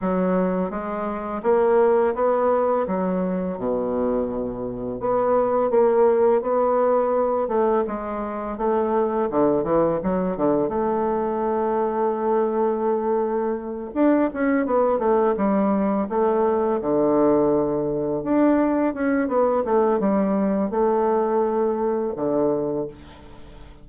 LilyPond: \new Staff \with { instrumentName = "bassoon" } { \time 4/4 \tempo 4 = 84 fis4 gis4 ais4 b4 | fis4 b,2 b4 | ais4 b4. a8 gis4 | a4 d8 e8 fis8 d8 a4~ |
a2.~ a8 d'8 | cis'8 b8 a8 g4 a4 d8~ | d4. d'4 cis'8 b8 a8 | g4 a2 d4 | }